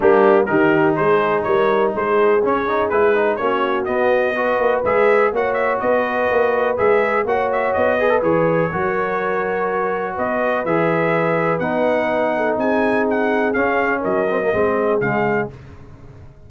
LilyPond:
<<
  \new Staff \with { instrumentName = "trumpet" } { \time 4/4 \tempo 4 = 124 g'4 ais'4 c''4 cis''4 | c''4 cis''4 b'4 cis''4 | dis''2 e''4 fis''8 e''8 | dis''2 e''4 fis''8 e''8 |
dis''4 cis''2.~ | cis''4 dis''4 e''2 | fis''2 gis''4 fis''4 | f''4 dis''2 f''4 | }
  \new Staff \with { instrumentName = "horn" } { \time 4/4 d'4 g'4 gis'4 ais'4 | gis'2. fis'4~ | fis'4 b'2 cis''4 | b'2. cis''4~ |
cis''8 b'4. ais'2~ | ais'4 b'2.~ | b'4. a'8 gis'2~ | gis'4 ais'4 gis'2 | }
  \new Staff \with { instrumentName = "trombone" } { \time 4/4 ais4 dis'2.~ | dis'4 cis'8 dis'8 e'8 dis'8 cis'4 | b4 fis'4 gis'4 fis'4~ | fis'2 gis'4 fis'4~ |
fis'8 gis'16 a'16 gis'4 fis'2~ | fis'2 gis'2 | dis'1 | cis'4. c'16 ais16 c'4 gis4 | }
  \new Staff \with { instrumentName = "tuba" } { \time 4/4 g4 dis4 gis4 g4 | gis4 cis'4 gis4 ais4 | b4. ais8 gis4 ais4 | b4 ais4 gis4 ais4 |
b4 e4 fis2~ | fis4 b4 e2 | b2 c'2 | cis'4 fis4 gis4 cis4 | }
>>